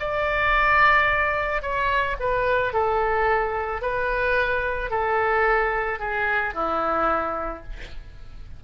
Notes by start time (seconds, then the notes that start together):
0.00 D5
1.62 C#5
2.20 B4
2.73 A4
3.82 B4
4.91 A4
6.00 G#4
6.55 E4